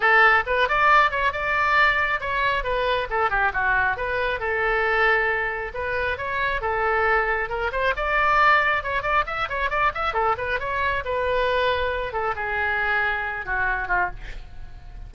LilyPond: \new Staff \with { instrumentName = "oboe" } { \time 4/4 \tempo 4 = 136 a'4 b'8 d''4 cis''8 d''4~ | d''4 cis''4 b'4 a'8 g'8 | fis'4 b'4 a'2~ | a'4 b'4 cis''4 a'4~ |
a'4 ais'8 c''8 d''2 | cis''8 d''8 e''8 cis''8 d''8 e''8 a'8 b'8 | cis''4 b'2~ b'8 a'8 | gis'2~ gis'8 fis'4 f'8 | }